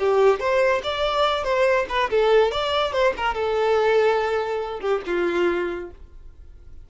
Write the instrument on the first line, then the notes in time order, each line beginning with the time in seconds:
violin
0.00 G4
0.40 C5
0.84 D5
1.44 C5
1.89 B4
2.11 A4
2.52 D5
2.93 C5
3.18 A#4
3.35 A4
4.81 G4
5.07 F4